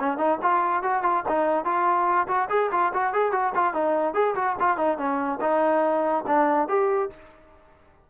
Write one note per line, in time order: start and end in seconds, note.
0.00 0.18 C#4
0.18 0.39 D#4
0.42 0.83 F4
0.83 1.03 F#4
1.03 1.24 F4
1.29 1.65 D#4
1.65 2.28 F4
2.28 2.49 F#4
2.50 2.71 G#4
2.72 2.93 F4
2.94 3.14 F#4
3.14 3.33 G#4
3.33 3.53 F#4
3.55 3.74 F4
3.74 4.14 D#4
4.14 4.35 G#4
4.36 4.57 F#4
4.60 4.77 F4
4.77 4.98 D#4
4.98 5.40 C#4
5.41 6.25 D#4
6.27 6.69 D4
6.69 7.11 G4